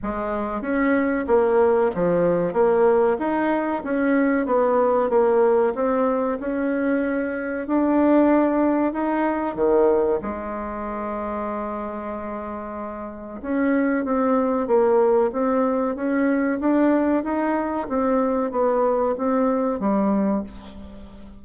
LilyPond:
\new Staff \with { instrumentName = "bassoon" } { \time 4/4 \tempo 4 = 94 gis4 cis'4 ais4 f4 | ais4 dis'4 cis'4 b4 | ais4 c'4 cis'2 | d'2 dis'4 dis4 |
gis1~ | gis4 cis'4 c'4 ais4 | c'4 cis'4 d'4 dis'4 | c'4 b4 c'4 g4 | }